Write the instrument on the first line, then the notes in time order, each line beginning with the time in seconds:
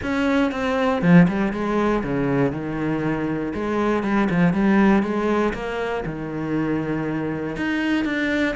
cello
0.02 C#4
0.51 C4
1.02 F3
1.28 G3
1.52 G#3
2.03 C#3
2.52 D#3
3.53 G#3
4.03 G3
4.30 F3
4.53 G3
5.03 G#3
5.53 A#3
6.05 D#3
7.56 D#4
8.04 D4